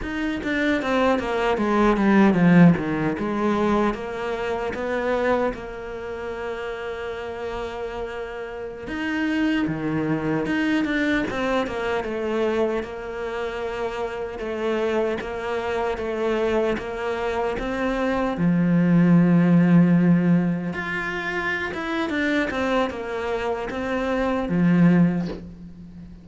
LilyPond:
\new Staff \with { instrumentName = "cello" } { \time 4/4 \tempo 4 = 76 dis'8 d'8 c'8 ais8 gis8 g8 f8 dis8 | gis4 ais4 b4 ais4~ | ais2.~ ais16 dis'8.~ | dis'16 dis4 dis'8 d'8 c'8 ais8 a8.~ |
a16 ais2 a4 ais8.~ | ais16 a4 ais4 c'4 f8.~ | f2~ f16 f'4~ f'16 e'8 | d'8 c'8 ais4 c'4 f4 | }